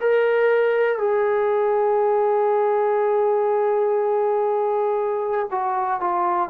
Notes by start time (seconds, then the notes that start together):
0.00 A#4
0.98 G#4
5.50 F#4
6.00 F4